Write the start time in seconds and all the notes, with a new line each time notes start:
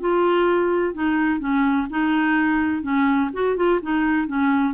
0.00 F4
0.94 D#4
1.40 C#4
1.90 D#4
2.82 C#4
3.33 F#4
3.56 F4
3.82 D#4
4.27 C#4